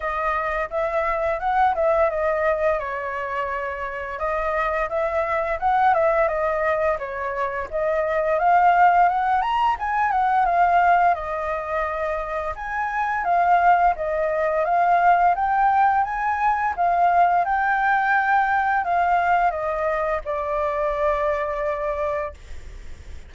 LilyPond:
\new Staff \with { instrumentName = "flute" } { \time 4/4 \tempo 4 = 86 dis''4 e''4 fis''8 e''8 dis''4 | cis''2 dis''4 e''4 | fis''8 e''8 dis''4 cis''4 dis''4 | f''4 fis''8 ais''8 gis''8 fis''8 f''4 |
dis''2 gis''4 f''4 | dis''4 f''4 g''4 gis''4 | f''4 g''2 f''4 | dis''4 d''2. | }